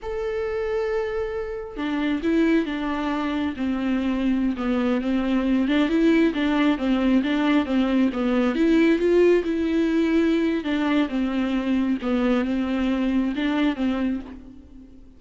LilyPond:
\new Staff \with { instrumentName = "viola" } { \time 4/4 \tempo 4 = 135 a'1 | d'4 e'4 d'2 | c'2~ c'16 b4 c'8.~ | c'8. d'8 e'4 d'4 c'8.~ |
c'16 d'4 c'4 b4 e'8.~ | e'16 f'4 e'2~ e'8. | d'4 c'2 b4 | c'2 d'4 c'4 | }